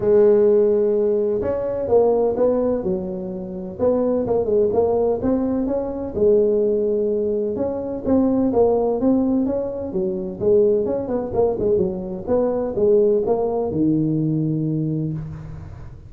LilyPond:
\new Staff \with { instrumentName = "tuba" } { \time 4/4 \tempo 4 = 127 gis2. cis'4 | ais4 b4 fis2 | b4 ais8 gis8 ais4 c'4 | cis'4 gis2. |
cis'4 c'4 ais4 c'4 | cis'4 fis4 gis4 cis'8 b8 | ais8 gis8 fis4 b4 gis4 | ais4 dis2. | }